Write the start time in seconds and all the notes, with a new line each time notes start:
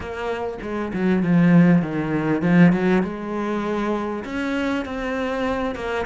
0.00 A#3
0.62 G#3
0.93 F#3
1.22 F3
1.82 D#3
2.42 F3
2.72 F#3
3.02 G#3
4.24 C#4
4.85 C4
5.75 A#3